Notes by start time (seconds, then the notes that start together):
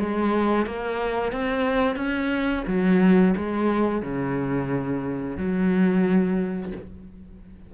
0.00 G#3
0.66 A#3
1.32 C4
1.96 C#4
2.68 F#3
3.36 G#3
4.02 C#3
5.37 F#3